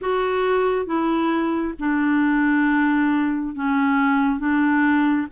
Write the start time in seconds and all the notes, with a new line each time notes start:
0.01 F#4
0.85 E4
1.79 D4
3.55 C#4
4.39 D4